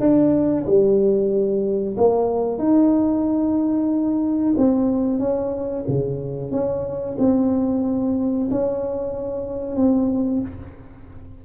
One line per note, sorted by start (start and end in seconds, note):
0.00 0.65 D4
0.66 1.97 G3
1.97 2.59 A#3
2.59 4.54 D#4
4.57 5.19 C4
5.19 5.84 C#4
5.88 6.51 C#3
6.51 7.17 C#4
7.18 8.49 C4
8.51 9.76 C#4
9.76 10.41 C4